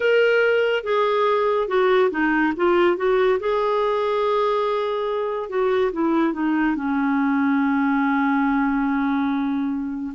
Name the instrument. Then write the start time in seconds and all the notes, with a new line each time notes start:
clarinet
0.00 A#4
0.83 G#4
1.67 F#4
2.10 D#4
2.56 F4
2.97 F#4
3.39 G#4
5.49 F#4
5.92 E4
6.33 D#4
6.75 C#4